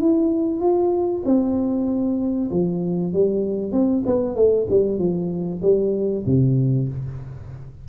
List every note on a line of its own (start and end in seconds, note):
0.00 0.60 E4
0.60 1.23 F4
1.25 2.50 C4
2.51 3.13 F3
3.13 3.72 G3
3.72 4.03 C4
4.06 4.36 B3
4.36 4.67 A3
4.70 4.98 G3
4.98 5.61 F3
5.62 6.24 G3
6.26 6.88 C3